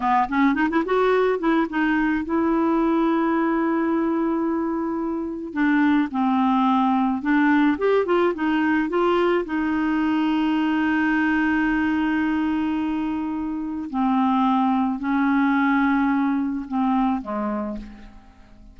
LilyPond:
\new Staff \with { instrumentName = "clarinet" } { \time 4/4 \tempo 4 = 108 b8 cis'8 dis'16 e'16 fis'4 e'8 dis'4 | e'1~ | e'2 d'4 c'4~ | c'4 d'4 g'8 f'8 dis'4 |
f'4 dis'2.~ | dis'1~ | dis'4 c'2 cis'4~ | cis'2 c'4 gis4 | }